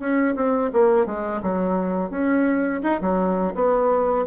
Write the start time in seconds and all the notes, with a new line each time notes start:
0.00 C#4
0.36 C4
0.73 A#3
1.06 G#3
1.43 F#3
2.11 C#4
2.83 D#4
3.02 F#3
3.55 B3